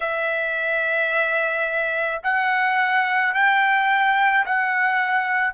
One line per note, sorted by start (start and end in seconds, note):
0.00 2.21 E5
2.23 3.33 F#5
3.33 4.44 G5
4.45 5.53 F#5